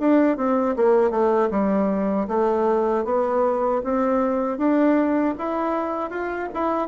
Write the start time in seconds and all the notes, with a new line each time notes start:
0.00 D4
0.37 C4
0.77 A#3
1.11 A3
1.50 G3
2.28 A3
3.05 B3
3.84 C4
4.58 D4
5.38 E4
6.10 F4
6.53 E4